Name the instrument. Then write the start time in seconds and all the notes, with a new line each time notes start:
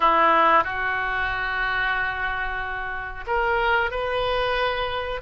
oboe
0.00 E4
0.64 F#4
3.26 A#4
3.90 B4